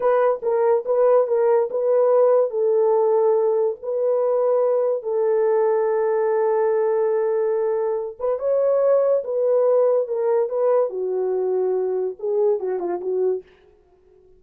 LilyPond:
\new Staff \with { instrumentName = "horn" } { \time 4/4 \tempo 4 = 143 b'4 ais'4 b'4 ais'4 | b'2 a'2~ | a'4 b'2. | a'1~ |
a'2.~ a'8 b'8 | cis''2 b'2 | ais'4 b'4 fis'2~ | fis'4 gis'4 fis'8 f'8 fis'4 | }